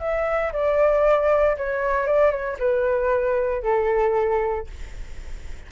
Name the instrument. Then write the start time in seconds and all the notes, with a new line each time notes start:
flute
0.00 E5
0.53 D5
1.57 C#5
2.07 D5
2.31 C#5
2.59 B4
3.63 A4